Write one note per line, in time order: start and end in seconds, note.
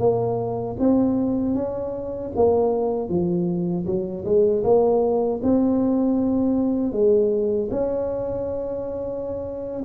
0.00 0.77 A#3
0.79 1.55 C4
1.55 2.32 C#4
2.36 3.09 A#3
3.09 3.86 F3
3.86 4.25 F#3
4.26 4.64 G#3
4.64 5.41 A#3
5.43 6.93 C4
6.93 7.70 G#3
7.71 9.83 C#4